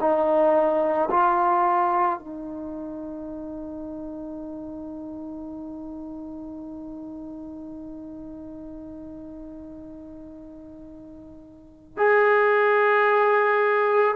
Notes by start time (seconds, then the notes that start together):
0.00 D#4
1.10 F4
2.18 D#4
11.97 G#4